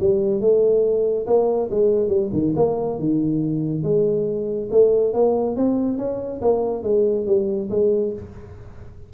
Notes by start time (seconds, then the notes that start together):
0.00 G3
0.41 A3
1.27 A#3
1.71 G#3
2.08 G3
2.33 D#3
2.56 A#3
2.99 D#3
3.83 G#3
4.71 A3
5.14 A#3
5.56 C4
5.98 C#4
6.41 A#3
6.83 G#3
7.26 G3
7.70 G#3